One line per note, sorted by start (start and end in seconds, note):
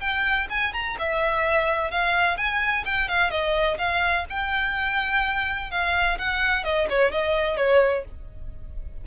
0.00 0.47 G5
0.49 0.73 G#5
0.73 0.97 A#5
0.99 1.90 E5
1.90 2.37 F5
2.37 2.84 G#5
2.85 3.08 G5
3.08 3.30 F5
3.30 3.77 D#5
3.78 4.25 F5
4.29 5.70 G5
5.70 6.18 F5
6.18 6.64 F#5
6.64 6.87 D#5
6.89 7.11 C#5
7.11 7.57 D#5
7.57 8.04 C#5